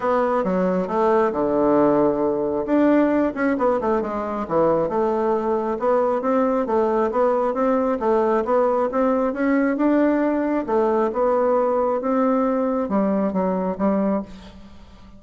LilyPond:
\new Staff \with { instrumentName = "bassoon" } { \time 4/4 \tempo 4 = 135 b4 fis4 a4 d4~ | d2 d'4. cis'8 | b8 a8 gis4 e4 a4~ | a4 b4 c'4 a4 |
b4 c'4 a4 b4 | c'4 cis'4 d'2 | a4 b2 c'4~ | c'4 g4 fis4 g4 | }